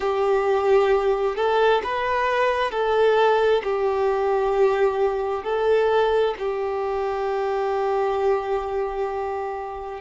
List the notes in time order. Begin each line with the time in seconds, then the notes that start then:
0.00 G4
1.36 A4
1.83 B4
2.71 A4
3.63 G4
5.43 A4
6.38 G4